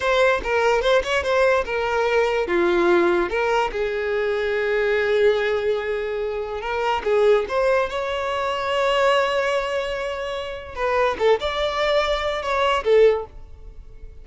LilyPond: \new Staff \with { instrumentName = "violin" } { \time 4/4 \tempo 4 = 145 c''4 ais'4 c''8 cis''8 c''4 | ais'2 f'2 | ais'4 gis'2.~ | gis'1 |
ais'4 gis'4 c''4 cis''4~ | cis''1~ | cis''2 b'4 a'8 d''8~ | d''2 cis''4 a'4 | }